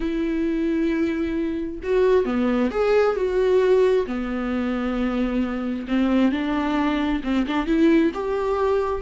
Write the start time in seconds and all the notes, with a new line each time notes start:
0.00 E4
1.83 F#4
2.25 B3
2.70 G#4
3.15 F#4
4.06 B3
5.87 C4
6.31 D4
7.23 C4
7.47 D4
7.66 E4
8.14 G4